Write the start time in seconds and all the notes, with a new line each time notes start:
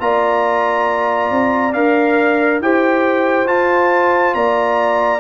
0.00 A#3 F4 D5 A#5
1.31 C4
1.73 D4 A#4 F5
2.61 E4 G4 C5 G5
3.47 F4 A5
4.35 A#3 D5 A#5